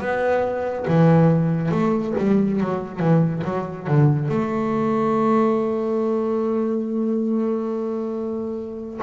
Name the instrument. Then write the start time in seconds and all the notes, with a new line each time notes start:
double bass
0.00 B3
0.88 E3
1.71 A3
2.18 G3
2.61 F#3
3.00 E3
3.44 F#3
3.87 D3
4.29 A3